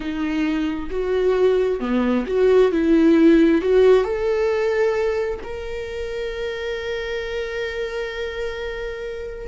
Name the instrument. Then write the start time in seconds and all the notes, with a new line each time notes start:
viola
0.00 D#4
0.90 F#4
1.80 B3
2.26 F#4
2.71 E4
3.61 F#4
4.04 A4
5.43 A#4